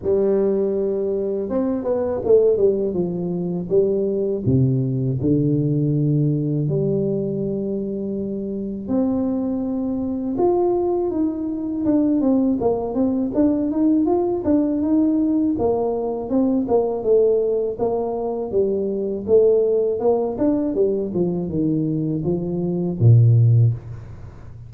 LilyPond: \new Staff \with { instrumentName = "tuba" } { \time 4/4 \tempo 4 = 81 g2 c'8 b8 a8 g8 | f4 g4 c4 d4~ | d4 g2. | c'2 f'4 dis'4 |
d'8 c'8 ais8 c'8 d'8 dis'8 f'8 d'8 | dis'4 ais4 c'8 ais8 a4 | ais4 g4 a4 ais8 d'8 | g8 f8 dis4 f4 ais,4 | }